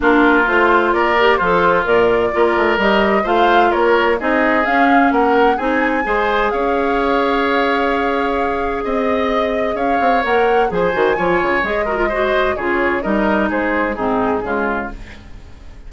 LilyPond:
<<
  \new Staff \with { instrumentName = "flute" } { \time 4/4 \tempo 4 = 129 ais'4 c''4 d''4 c''4 | d''2 dis''4 f''4 | cis''4 dis''4 f''4 fis''4 | gis''2 f''2~ |
f''2. dis''4~ | dis''4 f''4 fis''4 gis''4~ | gis''4 dis''2 cis''4 | dis''4 c''4 gis'2 | }
  \new Staff \with { instrumentName = "oboe" } { \time 4/4 f'2 ais'4 f'4~ | f'4 ais'2 c''4 | ais'4 gis'2 ais'4 | gis'4 c''4 cis''2~ |
cis''2. dis''4~ | dis''4 cis''2 c''4 | cis''4. ais'8 c''4 gis'4 | ais'4 gis'4 dis'4 f'4 | }
  \new Staff \with { instrumentName = "clarinet" } { \time 4/4 d'4 f'4. g'8 a'4 | ais'4 f'4 g'4 f'4~ | f'4 dis'4 cis'2 | dis'4 gis'2.~ |
gis'1~ | gis'2 ais'4 gis'8 fis'8 | f'4 gis'8 fis'16 f'16 fis'4 f'4 | dis'2 c'4 gis4 | }
  \new Staff \with { instrumentName = "bassoon" } { \time 4/4 ais4 a4 ais4 f4 | ais,4 ais8 a8 g4 a4 | ais4 c'4 cis'4 ais4 | c'4 gis4 cis'2~ |
cis'2. c'4~ | c'4 cis'8 c'8 ais4 f8 dis8 | f8 cis8 gis2 cis4 | g4 gis4 gis,4 cis4 | }
>>